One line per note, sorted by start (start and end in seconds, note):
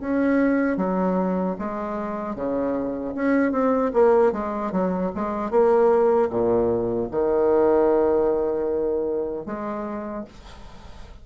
0.00 0.77 C#4
0.77 1.56 F#3
1.59 2.35 G#3
2.35 3.14 C#3
3.15 3.52 C#4
3.52 3.91 C4
3.93 4.32 A#3
4.32 4.72 G#3
4.72 5.11 F#3
5.15 5.50 G#3
5.50 6.29 A#3
6.29 7.08 A#2
7.11 9.46 D#3
9.46 10.25 G#3